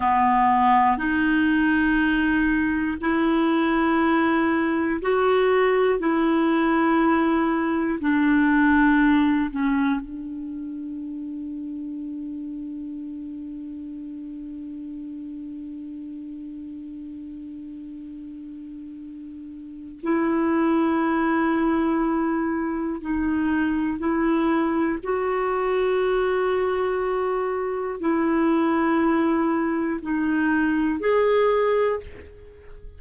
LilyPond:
\new Staff \with { instrumentName = "clarinet" } { \time 4/4 \tempo 4 = 60 b4 dis'2 e'4~ | e'4 fis'4 e'2 | d'4. cis'8 d'2~ | d'1~ |
d'1 | e'2. dis'4 | e'4 fis'2. | e'2 dis'4 gis'4 | }